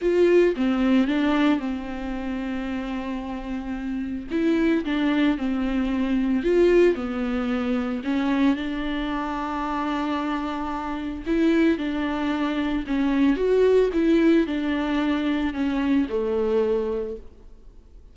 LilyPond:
\new Staff \with { instrumentName = "viola" } { \time 4/4 \tempo 4 = 112 f'4 c'4 d'4 c'4~ | c'1 | e'4 d'4 c'2 | f'4 b2 cis'4 |
d'1~ | d'4 e'4 d'2 | cis'4 fis'4 e'4 d'4~ | d'4 cis'4 a2 | }